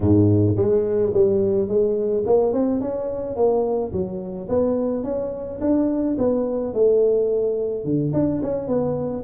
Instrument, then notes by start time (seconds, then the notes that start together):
tuba
0.00 G#2
0.56 G#3
1.13 G3
1.67 G#3
2.26 A#3
2.52 C4
2.80 C#4
3.35 A#3
3.92 F#3
4.48 B3
5.03 C#4
5.60 D4
6.18 B3
6.73 A3
7.84 D3
8.13 D4
8.42 C#4
8.67 B3